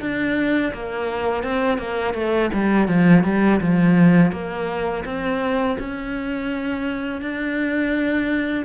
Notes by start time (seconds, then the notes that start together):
0.00 D4
0.73 A#3
1.43 C4
1.78 A#3
2.14 A3
2.53 G3
2.87 F3
3.24 G3
3.60 F3
4.31 A#3
5.05 C4
5.79 C#4
7.21 D4